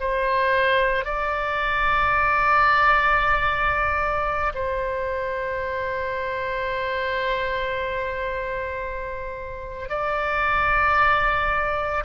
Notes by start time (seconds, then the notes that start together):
0.00 C5
1.04 D5
4.54 C5
9.89 D5